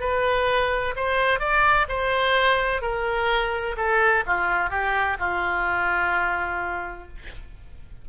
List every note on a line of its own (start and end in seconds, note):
0.00 0.94 B4
0.96 1.39 C5
1.39 1.87 D5
1.89 2.82 C5
2.82 3.76 A#4
3.77 4.24 A4
4.26 4.70 F4
4.70 5.17 G4
5.19 7.08 F4